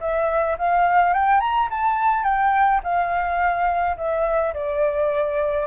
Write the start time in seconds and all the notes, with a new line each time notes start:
0.00 E5
0.58 F5
1.13 G5
1.40 A#5
1.70 A5
2.24 G5
2.83 F5
3.96 E5
4.54 D5